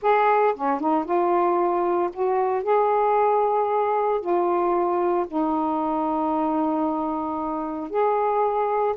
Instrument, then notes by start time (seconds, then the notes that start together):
saxophone
0.01 G#4
0.54 C#4
0.80 D#4
1.04 F4
2.13 F#4
2.63 G#4
4.21 F4
5.27 D#4
7.89 G#4